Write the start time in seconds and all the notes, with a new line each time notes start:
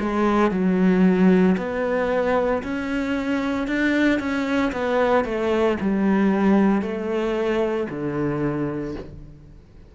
0.00 G#3
0.51 F#3
1.57 B3
2.63 C#4
3.67 D4
4.19 C#4
4.72 B3
5.25 A3
5.80 G3
6.82 A3
7.89 D3